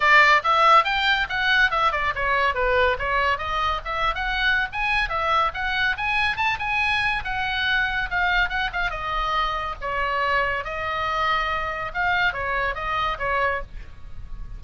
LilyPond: \new Staff \with { instrumentName = "oboe" } { \time 4/4 \tempo 4 = 141 d''4 e''4 g''4 fis''4 | e''8 d''8 cis''4 b'4 cis''4 | dis''4 e''8. fis''4~ fis''16 gis''4 | e''4 fis''4 gis''4 a''8 gis''8~ |
gis''4 fis''2 f''4 | fis''8 f''8 dis''2 cis''4~ | cis''4 dis''2. | f''4 cis''4 dis''4 cis''4 | }